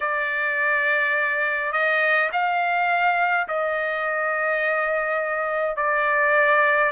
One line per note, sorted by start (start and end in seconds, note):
0.00 1.72 D5
1.72 2.30 D#5
2.32 3.47 F5
3.48 5.76 D#5
5.76 6.91 D5